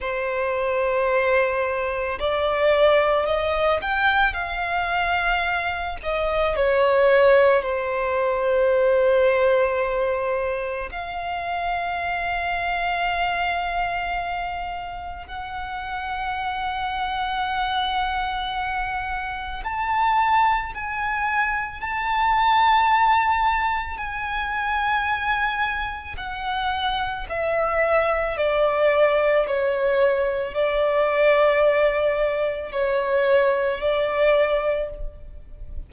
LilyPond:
\new Staff \with { instrumentName = "violin" } { \time 4/4 \tempo 4 = 55 c''2 d''4 dis''8 g''8 | f''4. dis''8 cis''4 c''4~ | c''2 f''2~ | f''2 fis''2~ |
fis''2 a''4 gis''4 | a''2 gis''2 | fis''4 e''4 d''4 cis''4 | d''2 cis''4 d''4 | }